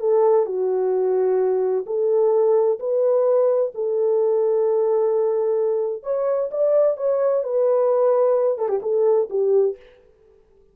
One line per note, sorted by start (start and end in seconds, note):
0.00 0.46 A4
0.46 1.86 F#4
1.86 2.79 A4
2.80 3.73 B4
3.75 6.04 A4
6.04 6.50 C#5
6.51 6.97 D5
6.97 7.44 C#5
7.44 8.58 B4
8.58 8.69 A4
8.69 8.81 G4
8.83 9.29 A4
9.30 9.77 G4